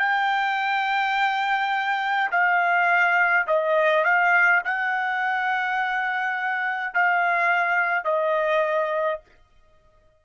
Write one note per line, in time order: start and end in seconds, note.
0.00 2.31 G5
2.31 3.47 F5
3.48 4.05 D#5
4.05 4.63 F5
4.65 6.94 F#5
6.94 8.05 F5
8.05 9.20 D#5